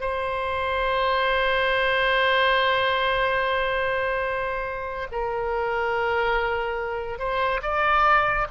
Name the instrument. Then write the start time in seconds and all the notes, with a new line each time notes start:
oboe
0.00 C5
5.11 A#4
7.18 C5
7.62 D5